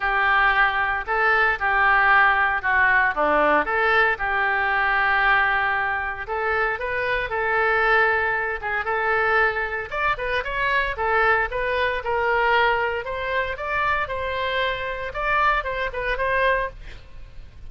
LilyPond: \new Staff \with { instrumentName = "oboe" } { \time 4/4 \tempo 4 = 115 g'2 a'4 g'4~ | g'4 fis'4 d'4 a'4 | g'1 | a'4 b'4 a'2~ |
a'8 gis'8 a'2 d''8 b'8 | cis''4 a'4 b'4 ais'4~ | ais'4 c''4 d''4 c''4~ | c''4 d''4 c''8 b'8 c''4 | }